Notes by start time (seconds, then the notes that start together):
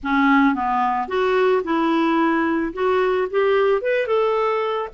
0.03 C#4
0.54 B3
1.08 F#4
1.63 E4
2.73 F#4
3.30 G4
3.81 B4
4.06 A4